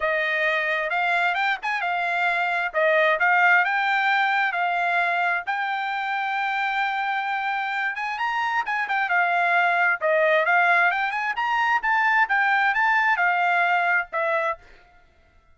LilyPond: \new Staff \with { instrumentName = "trumpet" } { \time 4/4 \tempo 4 = 132 dis''2 f''4 g''8 gis''8 | f''2 dis''4 f''4 | g''2 f''2 | g''1~ |
g''4. gis''8 ais''4 gis''8 g''8 | f''2 dis''4 f''4 | g''8 gis''8 ais''4 a''4 g''4 | a''4 f''2 e''4 | }